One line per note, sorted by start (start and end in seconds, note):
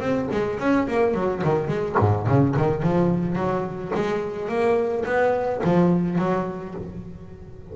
0.00 0.28 C4
0.31 0.59 G#3
0.59 0.87 C#4
0.87 1.14 A#3
1.14 1.42 F#3
1.44 1.67 D#3
1.67 1.95 G#3
1.99 2.27 G#2
2.27 2.55 C#3
2.57 2.82 D#3
2.82 3.35 F3
3.35 3.92 F#3
3.94 4.48 G#3
4.48 5.04 A#3
5.05 5.61 B3
5.64 6.18 F3
6.18 6.74 F#3